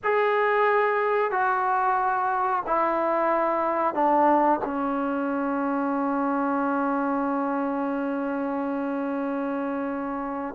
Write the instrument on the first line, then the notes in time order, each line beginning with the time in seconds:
trombone
0.03 G#4
1.31 F#4
2.66 E4
3.94 D4
4.64 C#4